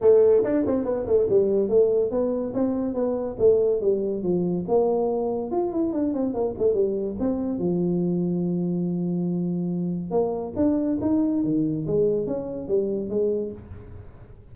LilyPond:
\new Staff \with { instrumentName = "tuba" } { \time 4/4 \tempo 4 = 142 a4 d'8 c'8 b8 a8 g4 | a4 b4 c'4 b4 | a4 g4 f4 ais4~ | ais4 f'8 e'8 d'8 c'8 ais8 a8 |
g4 c'4 f2~ | f1 | ais4 d'4 dis'4 dis4 | gis4 cis'4 g4 gis4 | }